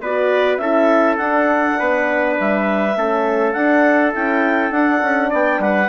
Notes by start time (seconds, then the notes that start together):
0.00 B3 F#4 B4 D5
0.58 C#4 E4 A4 E5
1.17 D4 F#5
1.79 B3 B4
2.40 G3 E5
2.96 A3 C#4 A4
3.52 D4 F#5
4.13 C#4 E4 G5
4.71 D4 F#5
5.02 C#4
5.30 B3 D5 G5
5.59 G3 B4 F#5